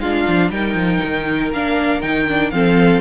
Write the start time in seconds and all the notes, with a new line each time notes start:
0.00 G#3 D4 F4 F5
0.28 F3
0.50 G3 D#4 A#4 G5
0.75 F3
1.04 D#3
1.52 A#3 D4 F5
2.02 D#3 D#4 G5
2.29 D4
2.51 F3 C4 A4 F5